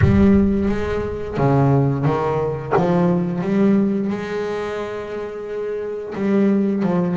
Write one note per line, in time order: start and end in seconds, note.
0.01 0.68 G3
0.68 1.37 G#3
1.37 2.05 C#3
2.05 2.73 D#3
2.76 3.41 F3
3.41 4.09 G3
4.09 6.14 G#3
6.15 6.82 G3
6.82 7.16 F3